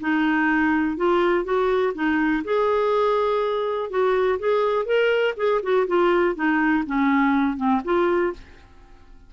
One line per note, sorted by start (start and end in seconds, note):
0.00 0.96 D#4
0.96 1.44 F4
1.44 1.93 F#4
1.94 2.43 D#4
2.44 3.90 G#4
3.90 4.39 F#4
4.39 4.85 G#4
4.85 5.34 A#4
5.37 5.61 G#4
5.62 5.87 F#4
5.87 6.35 F4
6.35 6.84 D#4
6.86 7.57 C#4
7.57 7.81 C4
7.84 8.33 F4